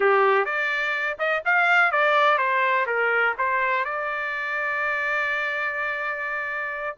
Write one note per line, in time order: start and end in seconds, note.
0.00 0.45 G4
0.45 1.17 D5
1.19 1.43 D#5
1.45 1.91 F5
1.91 2.38 D5
2.38 2.86 C5
2.86 3.34 A#4
3.37 3.84 C5
3.84 6.96 D5